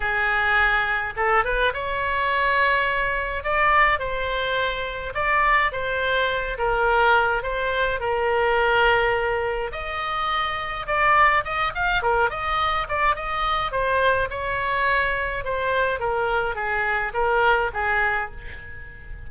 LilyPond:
\new Staff \with { instrumentName = "oboe" } { \time 4/4 \tempo 4 = 105 gis'2 a'8 b'8 cis''4~ | cis''2 d''4 c''4~ | c''4 d''4 c''4. ais'8~ | ais'4 c''4 ais'2~ |
ais'4 dis''2 d''4 | dis''8 f''8 ais'8 dis''4 d''8 dis''4 | c''4 cis''2 c''4 | ais'4 gis'4 ais'4 gis'4 | }